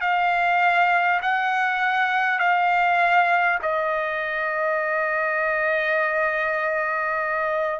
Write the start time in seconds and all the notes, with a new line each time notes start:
0.00 F5
1.21 F#5
2.38 F5
3.62 D#5